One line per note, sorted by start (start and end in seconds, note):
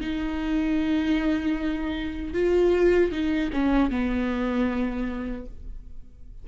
0.00 2.33 D#4
2.33 3.11 F4
3.11 3.50 D#4
3.52 3.90 C#4
3.90 5.45 B3